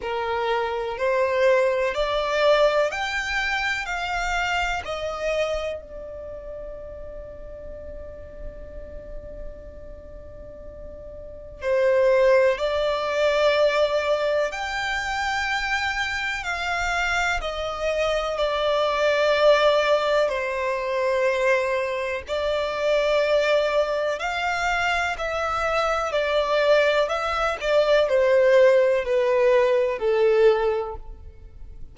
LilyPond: \new Staff \with { instrumentName = "violin" } { \time 4/4 \tempo 4 = 62 ais'4 c''4 d''4 g''4 | f''4 dis''4 d''2~ | d''1 | c''4 d''2 g''4~ |
g''4 f''4 dis''4 d''4~ | d''4 c''2 d''4~ | d''4 f''4 e''4 d''4 | e''8 d''8 c''4 b'4 a'4 | }